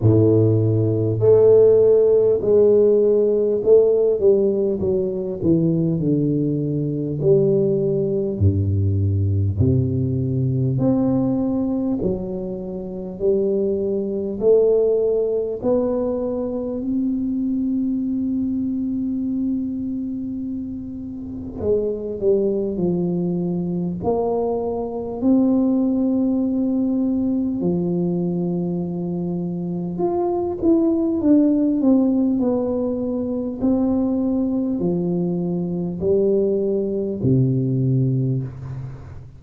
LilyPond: \new Staff \with { instrumentName = "tuba" } { \time 4/4 \tempo 4 = 50 a,4 a4 gis4 a8 g8 | fis8 e8 d4 g4 g,4 | c4 c'4 fis4 g4 | a4 b4 c'2~ |
c'2 gis8 g8 f4 | ais4 c'2 f4~ | f4 f'8 e'8 d'8 c'8 b4 | c'4 f4 g4 c4 | }